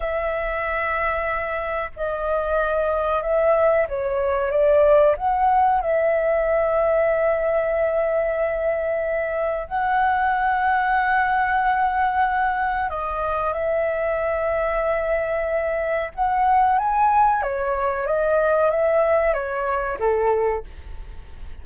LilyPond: \new Staff \with { instrumentName = "flute" } { \time 4/4 \tempo 4 = 93 e''2. dis''4~ | dis''4 e''4 cis''4 d''4 | fis''4 e''2.~ | e''2. fis''4~ |
fis''1 | dis''4 e''2.~ | e''4 fis''4 gis''4 cis''4 | dis''4 e''4 cis''4 a'4 | }